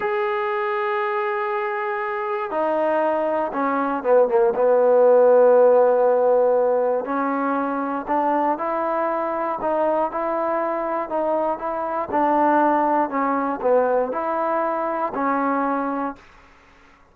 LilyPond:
\new Staff \with { instrumentName = "trombone" } { \time 4/4 \tempo 4 = 119 gis'1~ | gis'4 dis'2 cis'4 | b8 ais8 b2.~ | b2 cis'2 |
d'4 e'2 dis'4 | e'2 dis'4 e'4 | d'2 cis'4 b4 | e'2 cis'2 | }